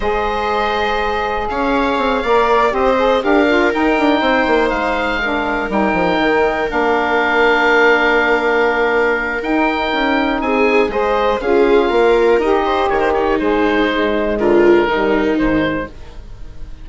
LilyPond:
<<
  \new Staff \with { instrumentName = "oboe" } { \time 4/4 \tempo 4 = 121 dis''2. f''4~ | f''4. dis''4 f''4 g''8~ | g''4. f''2 g''8~ | g''4. f''2~ f''8~ |
f''2. g''4~ | g''4 gis''4 dis''4 f''4~ | f''4 dis''4 cis''16 c''16 cis''8 c''4~ | c''4 ais'2 c''4 | }
  \new Staff \with { instrumentName = "viola" } { \time 4/4 c''2. cis''4~ | cis''8 d''4 c''4 ais'4.~ | ais'8 c''2 ais'4.~ | ais'1~ |
ais'1~ | ais'4 gis'4 c''4 gis'4 | ais'4. c''8 ais'8 dis'4.~ | dis'4 f'4 dis'2 | }
  \new Staff \with { instrumentName = "saxophone" } { \time 4/4 gis'1~ | gis'8 ais'4 g'8 gis'8 g'8 f'8 dis'8~ | dis'2~ dis'8 d'4 dis'8~ | dis'4. d'2~ d'8~ |
d'2. dis'4~ | dis'2 gis'4 f'4~ | f'4 g'2 gis'4 | gis2 g4 dis4 | }
  \new Staff \with { instrumentName = "bassoon" } { \time 4/4 gis2. cis'4 | c'8 ais4 c'4 d'4 dis'8 | d'8 c'8 ais8 gis2 g8 | f8 dis4 ais2~ ais8~ |
ais2. dis'4 | cis'4 c'4 gis4 cis'4 | ais4 dis'4 dis4 gis4~ | gis4 d4 dis4 gis,4 | }
>>